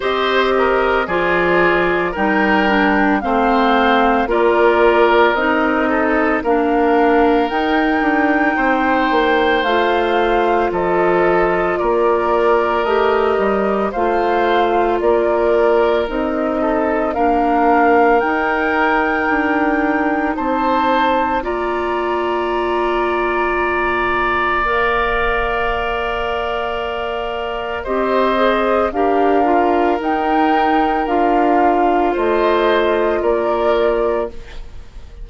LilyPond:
<<
  \new Staff \with { instrumentName = "flute" } { \time 4/4 \tempo 4 = 56 dis''4 d''4 g''4 f''4 | d''4 dis''4 f''4 g''4~ | g''4 f''4 dis''4 d''4 | dis''4 f''4 d''4 dis''4 |
f''4 g''2 a''4 | ais''2. f''4~ | f''2 dis''4 f''4 | g''4 f''4 dis''4 d''4 | }
  \new Staff \with { instrumentName = "oboe" } { \time 4/4 c''8 ais'8 gis'4 ais'4 c''4 | ais'4. a'8 ais'2 | c''2 a'4 ais'4~ | ais'4 c''4 ais'4. a'8 |
ais'2. c''4 | d''1~ | d''2 c''4 ais'4~ | ais'2 c''4 ais'4 | }
  \new Staff \with { instrumentName = "clarinet" } { \time 4/4 g'4 f'4 dis'8 d'8 c'4 | f'4 dis'4 d'4 dis'4~ | dis'4 f'2. | g'4 f'2 dis'4 |
d'4 dis'2. | f'2. ais'4~ | ais'2 g'8 gis'8 g'8 f'8 | dis'4 f'2. | }
  \new Staff \with { instrumentName = "bassoon" } { \time 4/4 c'4 f4 g4 a4 | ais4 c'4 ais4 dis'8 d'8 | c'8 ais8 a4 f4 ais4 | a8 g8 a4 ais4 c'4 |
ais4 dis'4 d'4 c'4 | ais1~ | ais2 c'4 d'4 | dis'4 d'4 a4 ais4 | }
>>